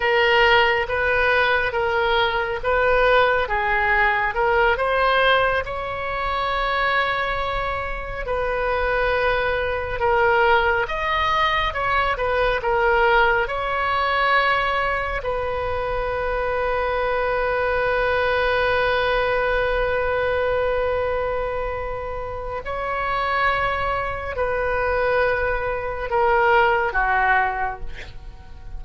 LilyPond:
\new Staff \with { instrumentName = "oboe" } { \time 4/4 \tempo 4 = 69 ais'4 b'4 ais'4 b'4 | gis'4 ais'8 c''4 cis''4.~ | cis''4. b'2 ais'8~ | ais'8 dis''4 cis''8 b'8 ais'4 cis''8~ |
cis''4. b'2~ b'8~ | b'1~ | b'2 cis''2 | b'2 ais'4 fis'4 | }